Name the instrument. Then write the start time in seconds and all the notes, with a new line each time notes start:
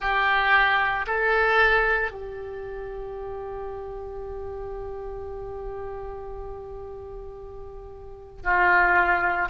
oboe
0.00 G4
1.06 A4
2.11 G4
8.43 F4